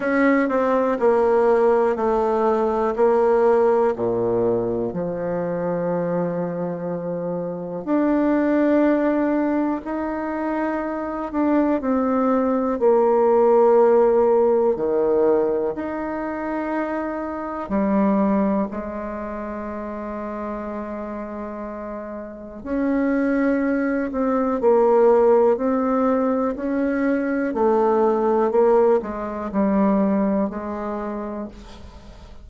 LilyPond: \new Staff \with { instrumentName = "bassoon" } { \time 4/4 \tempo 4 = 61 cis'8 c'8 ais4 a4 ais4 | ais,4 f2. | d'2 dis'4. d'8 | c'4 ais2 dis4 |
dis'2 g4 gis4~ | gis2. cis'4~ | cis'8 c'8 ais4 c'4 cis'4 | a4 ais8 gis8 g4 gis4 | }